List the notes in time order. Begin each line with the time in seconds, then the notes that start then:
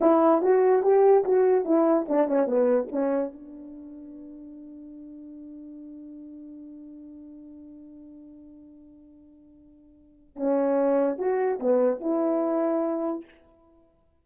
0.00 E4
0.42 F#4
0.82 G4
1.24 F#4
1.65 E4
2.08 D4
2.27 C#4
2.46 B3
2.91 C#4
3.33 D4
10.36 C#4
11.17 F#4
11.59 B3
12.00 E4